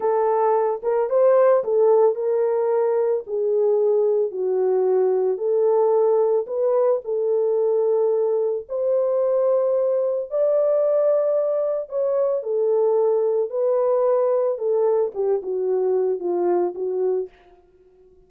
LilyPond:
\new Staff \with { instrumentName = "horn" } { \time 4/4 \tempo 4 = 111 a'4. ais'8 c''4 a'4 | ais'2 gis'2 | fis'2 a'2 | b'4 a'2. |
c''2. d''4~ | d''2 cis''4 a'4~ | a'4 b'2 a'4 | g'8 fis'4. f'4 fis'4 | }